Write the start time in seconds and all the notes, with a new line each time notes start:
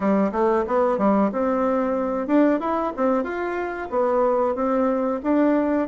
0.00 G3
0.32 A3
0.67 B3
0.98 G3
1.32 C4
2.27 D4
2.60 E4
2.96 C4
3.23 F4
3.90 B3
4.55 C4
5.23 D4